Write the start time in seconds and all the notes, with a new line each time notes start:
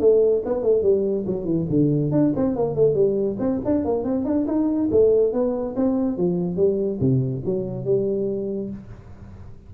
0.00 A3
0.46 B3
0.63 A3
0.83 G3
1.26 F#3
1.45 E3
1.70 D3
2.12 D4
2.36 C4
2.56 A#3
2.76 A3
2.95 G3
3.40 C4
3.65 D4
3.85 A#3
4.04 C4
4.25 D4
4.47 D#4
4.91 A3
5.33 B3
5.76 C4
6.17 F3
6.57 G3
7.00 C3
7.45 F#3
7.85 G3